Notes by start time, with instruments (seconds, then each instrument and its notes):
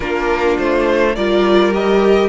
0.00 cello A#3, viola D4, violin F4 A#4
0.58 cello A3, violin C5
1.15 cello G3, viola F4, violin A#4 D5
1.72 viola G4, violin D#5